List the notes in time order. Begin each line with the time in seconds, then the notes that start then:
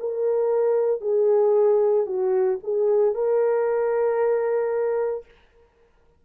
0.00 A#4
1.01 G#4
2.06 F#4
2.63 G#4
3.15 A#4